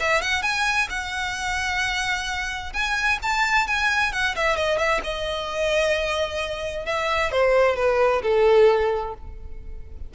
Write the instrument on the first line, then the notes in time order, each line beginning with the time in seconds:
violin
0.00 E5
0.22 F#5
0.42 G#5
0.90 F#5
2.73 G#5
3.22 A5
3.67 G#5
4.12 F#5
4.36 E5
4.56 D#5
4.78 E5
5.04 D#5
6.86 E5
7.32 C5
7.76 B4
8.23 A4